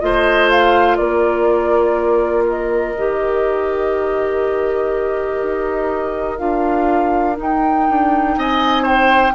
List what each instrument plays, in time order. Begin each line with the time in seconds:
0.00 bassoon A3, clarinet F4, oboe C5, flute D#5
0.51 flute F5
0.96 bassoon A#3, oboe A#4, flute D5
2.49 flute D#5
2.97 bassoon D#3, clarinet G4
5.42 bassoon D#4
6.38 bassoon D4, clarinet F4, flute F5
7.35 clarinet D#4, bassoon D#4
7.42 flute G5
7.89 bassoon D4
8.37 bassoon C4, oboe D#5, flute G#5
8.83 oboe C5, flute G5